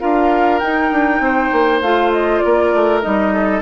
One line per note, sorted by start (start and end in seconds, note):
0.00 0.62 D4
0.00 0.61 F4
0.00 1.22 A#4
0.00 0.59 F5
0.59 0.91 D#4
0.59 1.84 D#4
0.59 1.80 G5
0.91 1.20 D4
1.20 1.50 C4
1.20 2.45 C5
1.52 1.81 A#3
1.81 2.42 A3
1.81 3.02 F4
1.81 2.12 F5
2.12 2.39 D#5
2.39 2.74 A#3
2.39 3.33 A#4
2.39 3.00 D5
2.74 3.04 A3
3.02 3.62 G3
3.02 3.62 D#4
3.02 3.62 D#5
3.33 3.62 A4